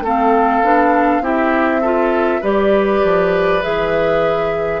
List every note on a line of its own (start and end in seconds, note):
0.00 0.60 A3
0.00 0.63 C4
0.00 1.22 A4
0.00 1.25 F5
0.62 1.20 B3
0.62 1.22 D4
1.20 2.40 C4
1.20 1.82 E4
1.20 1.80 G4
1.20 2.43 E5
1.80 2.42 F4
1.80 2.41 A4
2.41 3.02 G3
2.41 3.62 G4
2.41 4.80 B4
2.41 3.62 D5
3.03 3.63 F3
3.62 4.80 E3
3.62 4.80 G#4
3.62 4.80 E5